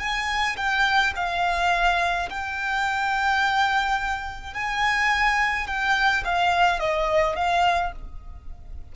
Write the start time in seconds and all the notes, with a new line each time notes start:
0.00 G#5
0.57 G5
1.16 F5
2.31 G5
4.54 G#5
5.68 G5
6.25 F5
6.80 D#5
7.36 F5